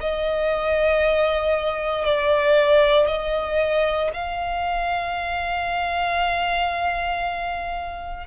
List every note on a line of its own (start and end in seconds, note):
0.00 2.05 D#5
2.05 3.07 D5
3.07 4.11 D#5
4.13 8.27 F5